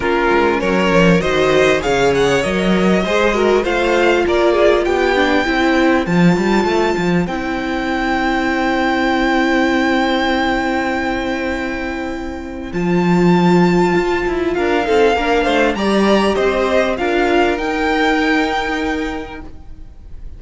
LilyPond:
<<
  \new Staff \with { instrumentName = "violin" } { \time 4/4 \tempo 4 = 99 ais'4 cis''4 dis''4 f''8 fis''8 | dis''2 f''4 d''4 | g''2 a''2 | g''1~ |
g''1~ | g''4 a''2. | f''2 ais''4 dis''4 | f''4 g''2. | }
  \new Staff \with { instrumentName = "violin" } { \time 4/4 f'4 ais'4 c''4 cis''4~ | cis''4 c''8 ais'8 c''4 ais'8 gis'8 | g'4 c''2.~ | c''1~ |
c''1~ | c''1 | ais'8 a'8 ais'8 c''8 d''4 c''4 | ais'1 | }
  \new Staff \with { instrumentName = "viola" } { \time 4/4 cis'2 fis'4 gis'4 | ais'4 gis'8 fis'8 f'2~ | f'8 d'8 e'4 f'2 | e'1~ |
e'1~ | e'4 f'2.~ | f'8 dis'8 d'4 g'2 | f'4 dis'2. | }
  \new Staff \with { instrumentName = "cello" } { \time 4/4 ais8 gis8 fis8 f8 dis4 cis4 | fis4 gis4 a4 ais4 | b4 c'4 f8 g8 a8 f8 | c'1~ |
c'1~ | c'4 f2 f'8 e'8 | d'8 c'8 ais8 a8 g4 c'4 | d'4 dis'2. | }
>>